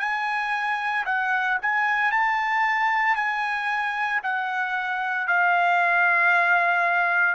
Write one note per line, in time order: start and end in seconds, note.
0.00 1.05 G#5
1.06 1.58 F#5
1.62 2.11 G#5
2.11 3.16 A5
3.16 4.21 G#5
4.23 5.28 F#5
5.28 7.35 F5